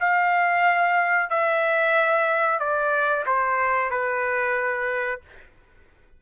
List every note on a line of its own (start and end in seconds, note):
0.00 1.30 F5
1.30 2.59 E5
2.59 3.25 D5
3.27 3.91 C5
3.91 5.21 B4